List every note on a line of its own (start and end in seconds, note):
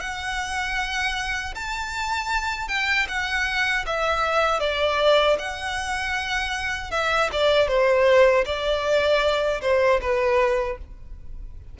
0.00 1.54 F#5
1.55 2.68 A5
2.68 3.07 G5
3.08 3.85 F#5
3.86 4.60 E5
4.60 5.37 D5
5.38 6.91 F#5
6.91 7.30 E5
7.33 7.67 D5
7.67 8.44 C5
8.45 9.61 D5
9.62 10.00 C5
10.01 10.78 B4